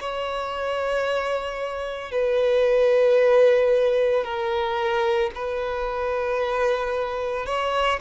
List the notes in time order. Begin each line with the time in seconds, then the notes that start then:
0.00 C#5
2.11 B4
4.24 A#4
5.35 B4
7.46 C#5